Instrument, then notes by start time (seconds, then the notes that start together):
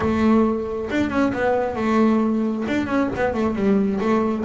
double bass
0.00 A3
0.90 D4
1.10 C#4
1.33 B3
1.75 A3
2.67 D4
2.87 C#4
3.16 B3
3.34 A3
3.55 G3
4.00 A3